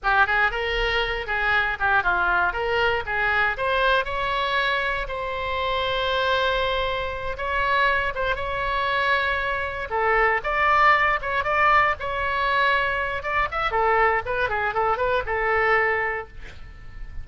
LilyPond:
\new Staff \with { instrumentName = "oboe" } { \time 4/4 \tempo 4 = 118 g'8 gis'8 ais'4. gis'4 g'8 | f'4 ais'4 gis'4 c''4 | cis''2 c''2~ | c''2~ c''8 cis''4. |
c''8 cis''2. a'8~ | a'8 d''4. cis''8 d''4 cis''8~ | cis''2 d''8 e''8 a'4 | b'8 gis'8 a'8 b'8 a'2 | }